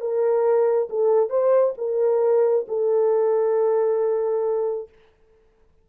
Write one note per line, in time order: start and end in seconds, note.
0.00 0.88 A#4
0.89 1.29 A4
1.29 1.73 C5
1.77 2.66 A#4
2.68 4.89 A4